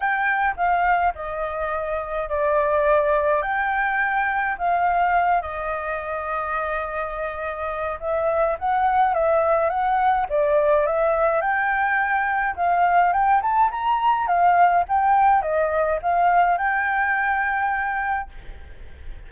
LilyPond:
\new Staff \with { instrumentName = "flute" } { \time 4/4 \tempo 4 = 105 g''4 f''4 dis''2 | d''2 g''2 | f''4. dis''2~ dis''8~ | dis''2 e''4 fis''4 |
e''4 fis''4 d''4 e''4 | g''2 f''4 g''8 a''8 | ais''4 f''4 g''4 dis''4 | f''4 g''2. | }